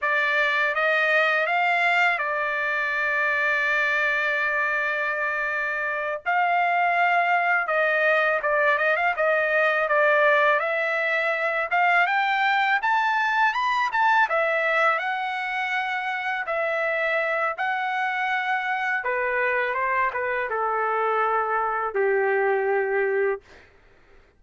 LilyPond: \new Staff \with { instrumentName = "trumpet" } { \time 4/4 \tempo 4 = 82 d''4 dis''4 f''4 d''4~ | d''1~ | d''8 f''2 dis''4 d''8 | dis''16 f''16 dis''4 d''4 e''4. |
f''8 g''4 a''4 b''8 a''8 e''8~ | e''8 fis''2 e''4. | fis''2 b'4 c''8 b'8 | a'2 g'2 | }